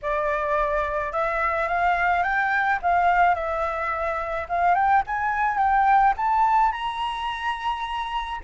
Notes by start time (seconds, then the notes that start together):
0.02 D5
1.12 E5
1.68 F5
2.23 G5
2.82 F5
3.34 E5
4.49 F5
4.74 G5
5.06 G#5
5.57 G5
6.17 A5
6.72 A#5